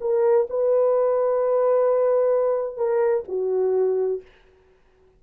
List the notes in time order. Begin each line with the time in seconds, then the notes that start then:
0.00 A#4
0.49 B4
2.77 A#4
3.28 F#4